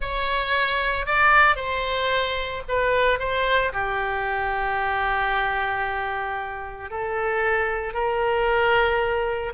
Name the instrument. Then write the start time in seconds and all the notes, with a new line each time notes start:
oboe
0.00 C#5
1.06 D5
1.56 C5
2.68 B4
3.19 C5
3.73 G4
6.90 A4
7.93 A#4